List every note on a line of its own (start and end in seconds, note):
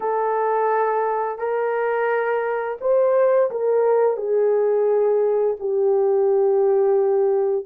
0.00 1.38 A4
1.38 2.77 A#4
2.80 3.50 C5
3.50 4.16 A#4
4.16 5.56 G#4
5.59 7.65 G4